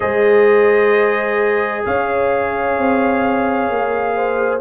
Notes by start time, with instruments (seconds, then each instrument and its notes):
0.00 tuba G#3, trombone G#4, horn C5, trumpet D#5
1.85 tuba C#4, horn C#5, trumpet F5
2.77 tuba C4
3.69 tuba A#3
4.16 horn C5